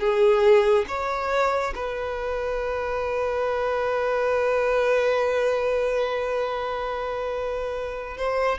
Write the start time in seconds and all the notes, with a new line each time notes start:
0.00 G#4
0.88 C#5
1.75 B4
8.18 C5